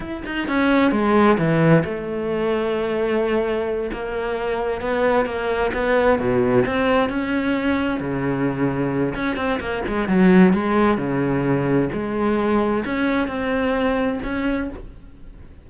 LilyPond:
\new Staff \with { instrumentName = "cello" } { \time 4/4 \tempo 4 = 131 e'8 dis'8 cis'4 gis4 e4 | a1~ | a8 ais2 b4 ais8~ | ais8 b4 b,4 c'4 cis'8~ |
cis'4. cis2~ cis8 | cis'8 c'8 ais8 gis8 fis4 gis4 | cis2 gis2 | cis'4 c'2 cis'4 | }